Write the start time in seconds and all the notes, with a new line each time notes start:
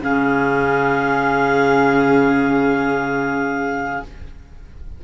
0.00 C#3 C#4 G#4 F5